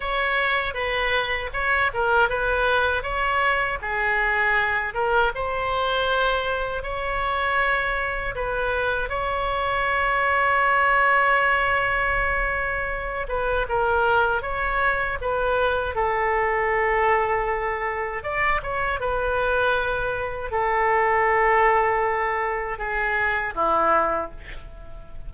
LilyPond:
\new Staff \with { instrumentName = "oboe" } { \time 4/4 \tempo 4 = 79 cis''4 b'4 cis''8 ais'8 b'4 | cis''4 gis'4. ais'8 c''4~ | c''4 cis''2 b'4 | cis''1~ |
cis''4. b'8 ais'4 cis''4 | b'4 a'2. | d''8 cis''8 b'2 a'4~ | a'2 gis'4 e'4 | }